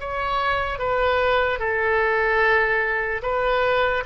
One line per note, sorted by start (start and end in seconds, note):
0.00 0.79 C#5
0.79 1.59 B4
1.59 3.21 A4
3.22 4.03 B4